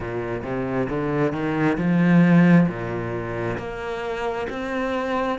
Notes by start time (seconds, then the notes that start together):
0.00 A#2
0.43 C3
0.89 D3
1.32 D#3
1.77 F3
2.68 A#2
3.57 A#3
4.49 C4